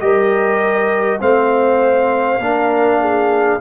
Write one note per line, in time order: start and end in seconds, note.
0.00 1.21 G3
0.00 1.20 G4
0.00 1.21 A#4
0.00 1.20 D#5
1.20 2.39 A3
1.20 2.40 C4
1.20 2.39 C5
1.20 3.60 F5
2.39 3.59 A#3
2.39 3.60 D4
2.39 2.99 A#4
3.00 3.60 G#4